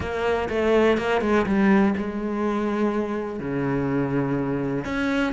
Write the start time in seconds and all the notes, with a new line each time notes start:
0.00 A#3
0.49 A3
0.97 A#3
1.21 G#3
1.46 G3
1.97 G#3
3.39 C#3
4.84 C#4